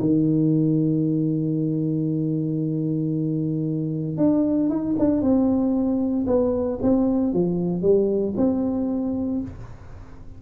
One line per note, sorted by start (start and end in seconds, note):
0.00 4.17 D#3
4.17 4.69 D4
4.69 4.95 D#4
4.98 5.22 D4
5.22 6.26 C4
6.27 6.79 B3
6.82 7.33 C4
7.33 7.82 F3
7.82 8.34 G3
8.37 9.41 C4